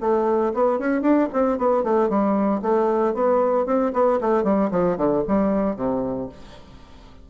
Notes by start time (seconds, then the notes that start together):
0.00 A3
0.54 B3
0.79 C#4
1.01 D4
1.33 C4
1.58 B3
1.83 A3
2.09 G3
2.62 A3
3.14 B3
3.66 C4
3.93 B3
4.21 A3
4.44 G3
4.71 F3
4.97 D3
5.27 G3
5.76 C3